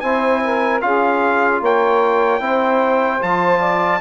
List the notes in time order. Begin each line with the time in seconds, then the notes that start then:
0.00 C4 E4 C5 G#5
0.44 A#4
0.81 C#4 F4 G#4 F5
1.61 A#3 C#5 G5
2.40 C4 E4 C5
3.20 F3 F4 A5
3.59 D5